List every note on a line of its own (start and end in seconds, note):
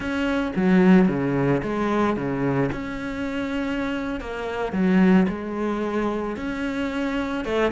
0.00 0.52 C#4
0.56 1.08 F#3
1.08 1.62 C#3
1.62 2.16 G#3
2.16 2.70 C#3
2.71 4.20 C#4
4.20 4.72 A#3
4.72 5.26 F#3
5.28 6.36 G#3
6.36 7.44 C#4
7.44 7.71 A3